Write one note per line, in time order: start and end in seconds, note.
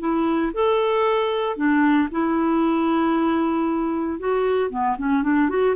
0.00 0.52 E4
0.54 1.57 A4
1.57 2.09 D4
2.11 4.20 E4
4.20 4.71 F#4
4.71 4.97 B3
4.98 5.23 C#4
5.23 5.49 D4
5.50 5.76 F#4